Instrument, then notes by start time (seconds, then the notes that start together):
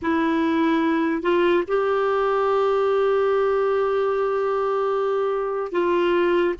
clarinet
0.02 E4
1.22 F4
1.67 G4
5.72 F4